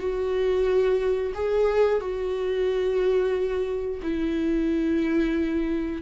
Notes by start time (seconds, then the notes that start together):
0.00 F#4
1.35 G#4
2.01 F#4
4.03 E4